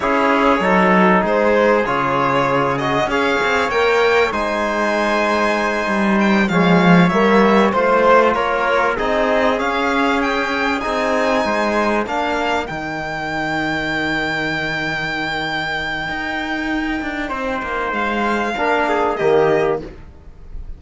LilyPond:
<<
  \new Staff \with { instrumentName = "violin" } { \time 4/4 \tempo 4 = 97 cis''2 c''4 cis''4~ | cis''8 dis''8 f''4 g''4 gis''4~ | gis''2 g''8 f''4 e''8~ | e''8 c''4 cis''4 dis''4 f''8~ |
f''8 g''4 gis''2 f''8~ | f''8 g''2.~ g''8~ | g''1~ | g''4 f''2 dis''4 | }
  \new Staff \with { instrumentName = "trumpet" } { \time 4/4 gis'4 a'4 gis'2~ | gis'4 cis''2 c''4~ | c''2~ c''8 cis''4.~ | cis''8 c''4 ais'4 gis'4.~ |
gis'2~ gis'8 c''4 ais'8~ | ais'1~ | ais'1 | c''2 ais'8 gis'8 g'4 | }
  \new Staff \with { instrumentName = "trombone" } { \time 4/4 e'4 dis'2 f'4~ | f'8 fis'8 gis'4 ais'4 dis'4~ | dis'2~ dis'8 gis4 ais8~ | ais8 f'2 dis'4 cis'8~ |
cis'4. dis'2 d'8~ | d'8 dis'2.~ dis'8~ | dis'1~ | dis'2 d'4 ais4 | }
  \new Staff \with { instrumentName = "cello" } { \time 4/4 cis'4 fis4 gis4 cis4~ | cis4 cis'8 c'8 ais4 gis4~ | gis4. g4 f4 g8~ | g8 a4 ais4 c'4 cis'8~ |
cis'4. c'4 gis4 ais8~ | ais8 dis2.~ dis8~ | dis2 dis'4. d'8 | c'8 ais8 gis4 ais4 dis4 | }
>>